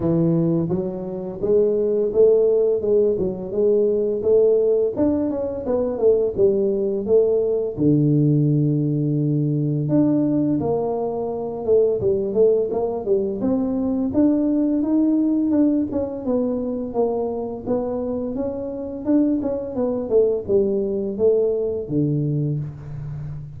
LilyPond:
\new Staff \with { instrumentName = "tuba" } { \time 4/4 \tempo 4 = 85 e4 fis4 gis4 a4 | gis8 fis8 gis4 a4 d'8 cis'8 | b8 a8 g4 a4 d4~ | d2 d'4 ais4~ |
ais8 a8 g8 a8 ais8 g8 c'4 | d'4 dis'4 d'8 cis'8 b4 | ais4 b4 cis'4 d'8 cis'8 | b8 a8 g4 a4 d4 | }